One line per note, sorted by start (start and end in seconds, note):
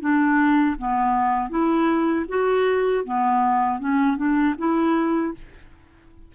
0.00 0.76 D4
0.78 1.50 B3
1.50 2.26 E4
2.29 3.04 F#4
3.05 3.80 B3
3.80 4.17 C#4
4.17 4.55 D4
4.58 5.34 E4